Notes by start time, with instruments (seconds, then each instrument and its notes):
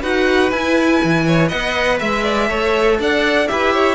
0.00 cello D#4, viola F#4, violin B4 F#5
0.50 cello E4, viola E4, violin G#5
1.03 cello E3
1.26 violin C#5
1.48 cello B3, viola B4, violin D#5 F#5
1.99 cello G#3, violin E5
2.23 violin D5
2.48 cello A3, viola A4, violin C#5
2.99 cello D4, violin D5 F#5
3.47 cello E4, viola G4, violin B4 E5
3.73 violin C#5